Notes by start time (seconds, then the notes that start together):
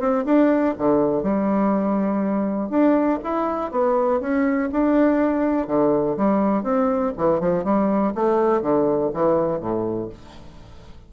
0.00 C4
0.25 D4
0.78 D3
1.23 G3
2.70 D4
3.24 E4
3.71 B3
4.21 C#4
4.72 D4
5.67 D3
6.17 G3
6.64 C4
7.18 E3
7.40 F3
7.64 G3
8.15 A3
8.62 D3
9.14 E3
9.60 A2